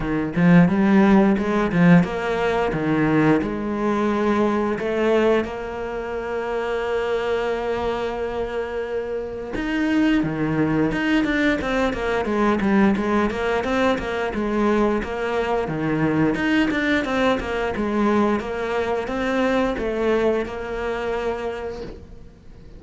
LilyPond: \new Staff \with { instrumentName = "cello" } { \time 4/4 \tempo 4 = 88 dis8 f8 g4 gis8 f8 ais4 | dis4 gis2 a4 | ais1~ | ais2 dis'4 dis4 |
dis'8 d'8 c'8 ais8 gis8 g8 gis8 ais8 | c'8 ais8 gis4 ais4 dis4 | dis'8 d'8 c'8 ais8 gis4 ais4 | c'4 a4 ais2 | }